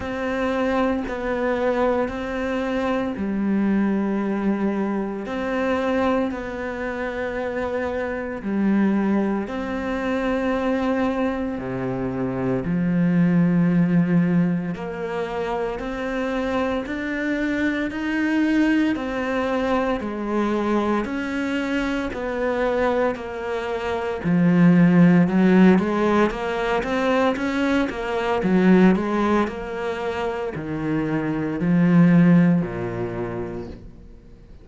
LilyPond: \new Staff \with { instrumentName = "cello" } { \time 4/4 \tempo 4 = 57 c'4 b4 c'4 g4~ | g4 c'4 b2 | g4 c'2 c4 | f2 ais4 c'4 |
d'4 dis'4 c'4 gis4 | cis'4 b4 ais4 f4 | fis8 gis8 ais8 c'8 cis'8 ais8 fis8 gis8 | ais4 dis4 f4 ais,4 | }